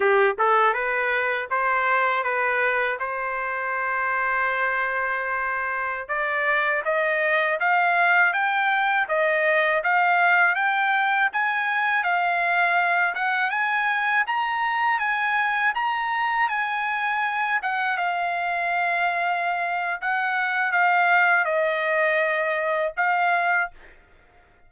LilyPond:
\new Staff \with { instrumentName = "trumpet" } { \time 4/4 \tempo 4 = 81 g'8 a'8 b'4 c''4 b'4 | c''1~ | c''16 d''4 dis''4 f''4 g''8.~ | g''16 dis''4 f''4 g''4 gis''8.~ |
gis''16 f''4. fis''8 gis''4 ais''8.~ | ais''16 gis''4 ais''4 gis''4. fis''16~ | fis''16 f''2~ f''8. fis''4 | f''4 dis''2 f''4 | }